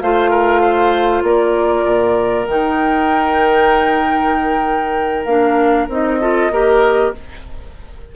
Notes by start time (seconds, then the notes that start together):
0.00 A3 F4 C5 F5
0.30 A#4
0.61 C5
1.22 A#3 A#4 D5
1.85 A#2
2.46 D#3 D#4 G5
5.24 A#3 D4 F5
5.88 C4 D#4 D#5
6.20 F4 A4
6.50 A#3 G4 A#4